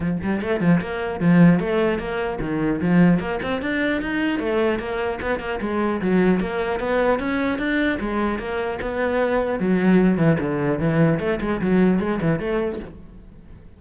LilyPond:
\new Staff \with { instrumentName = "cello" } { \time 4/4 \tempo 4 = 150 f8 g8 a8 f8 ais4 f4 | a4 ais4 dis4 f4 | ais8 c'8 d'4 dis'4 a4 | ais4 b8 ais8 gis4 fis4 |
ais4 b4 cis'4 d'4 | gis4 ais4 b2 | fis4. e8 d4 e4 | a8 gis8 fis4 gis8 e8 a4 | }